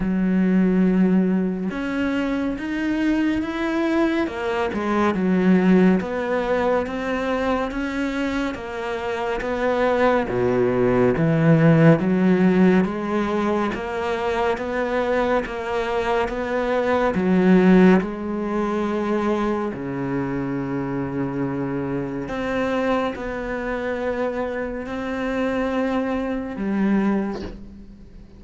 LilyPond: \new Staff \with { instrumentName = "cello" } { \time 4/4 \tempo 4 = 70 fis2 cis'4 dis'4 | e'4 ais8 gis8 fis4 b4 | c'4 cis'4 ais4 b4 | b,4 e4 fis4 gis4 |
ais4 b4 ais4 b4 | fis4 gis2 cis4~ | cis2 c'4 b4~ | b4 c'2 g4 | }